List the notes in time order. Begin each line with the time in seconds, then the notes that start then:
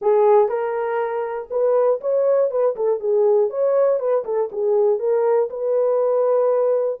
0.01 G#4
0.48 A#4
1.50 B4
2.00 C#5
2.50 B4
2.76 A4
3.00 G#4
3.50 C#5
3.99 B4
4.25 A4
4.52 G#4
4.99 A#4
5.50 B4